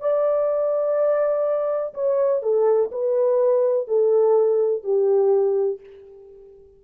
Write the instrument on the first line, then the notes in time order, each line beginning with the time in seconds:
horn
0.00 D5
1.94 C#5
2.42 A4
2.91 B4
3.87 A4
4.83 G4